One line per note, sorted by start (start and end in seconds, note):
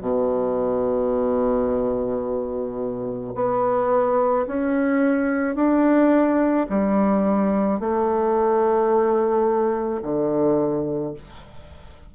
0.00 3.33 B2
3.35 4.46 B3
4.46 5.55 C#4
5.55 6.66 D4
6.69 7.79 G3
7.79 10.02 A3
10.03 11.14 D3